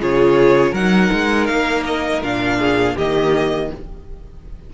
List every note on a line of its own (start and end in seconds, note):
0.00 0.73 C#3
0.00 0.74 F4
0.00 0.72 G#4
0.00 0.75 C#5
0.72 1.10 F#3
0.72 2.23 D#4
0.72 2.57 A#4
0.72 1.46 F#5
1.12 1.49 G#3
1.46 2.22 A#3
1.46 1.83 F5
1.85 2.23 D#5
2.22 2.96 A#2
2.22 2.97 D4
2.22 2.97 F5
2.59 2.96 G#4
2.96 3.71 D#3
2.96 3.74 A#3
2.96 3.70 G4
2.96 3.72 D#5